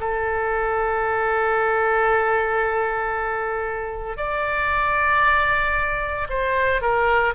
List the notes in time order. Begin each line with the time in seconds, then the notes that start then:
0.00 A4
4.17 D5
6.29 C5
6.81 A#4